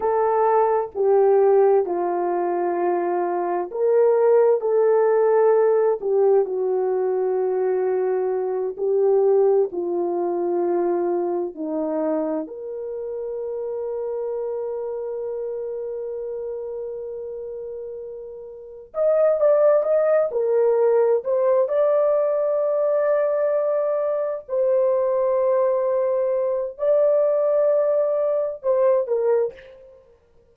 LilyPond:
\new Staff \with { instrumentName = "horn" } { \time 4/4 \tempo 4 = 65 a'4 g'4 f'2 | ais'4 a'4. g'8 fis'4~ | fis'4. g'4 f'4.~ | f'8 dis'4 ais'2~ ais'8~ |
ais'1~ | ais'8 dis''8 d''8 dis''8 ais'4 c''8 d''8~ | d''2~ d''8 c''4.~ | c''4 d''2 c''8 ais'8 | }